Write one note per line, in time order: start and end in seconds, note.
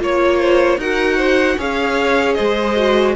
0.00 0.78 A#3
0.00 0.79 F4
0.00 0.39 C#5
0.00 0.81 C#5
0.39 0.79 C5
0.78 1.57 D#4
0.78 1.59 F#4
0.78 1.17 A#4
0.78 1.60 F#5
1.17 1.57 C5
1.58 2.37 C#4
1.58 2.77 G#4
1.58 2.37 C#5
1.58 2.34 F5
2.34 3.16 G#3
2.34 3.15 C5
2.34 3.13 D#5
2.77 3.16 F#4